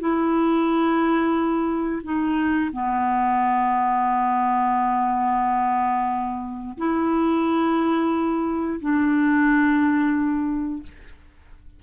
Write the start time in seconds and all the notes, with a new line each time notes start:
0.00 E4
2.04 D#4
2.73 B3
6.78 E4
8.81 D4